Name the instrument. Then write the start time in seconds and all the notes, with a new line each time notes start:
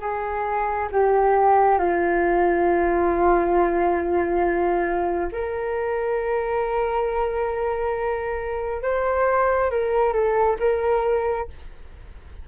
flute
0.00 G#4
0.91 G4
1.78 F4
5.32 A#4
8.82 C5
9.70 A#4
10.13 A4
10.59 A#4